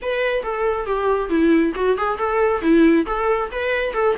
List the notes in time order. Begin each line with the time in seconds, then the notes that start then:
0.02 B4
0.43 A4
0.86 G4
1.29 E4
1.75 F#4
1.97 G#4
2.18 A4
2.61 E4
3.06 A4
3.51 B4
3.93 A4